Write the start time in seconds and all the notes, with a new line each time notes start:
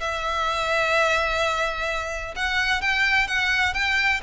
0.00 E5
2.35 F#5
2.81 G5
3.27 F#5
3.74 G5